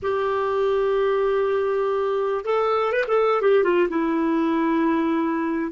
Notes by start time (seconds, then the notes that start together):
0.02 G4
2.44 A4
2.92 B4
3.07 A4
3.41 G4
3.63 F4
3.89 E4